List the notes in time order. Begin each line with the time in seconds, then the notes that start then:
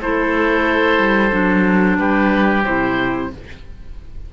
0.00 A3 E4 A4 C5
0.98 G3
1.30 F#3 D4
1.98 G3 G4 B4
2.64 C3 E4 C5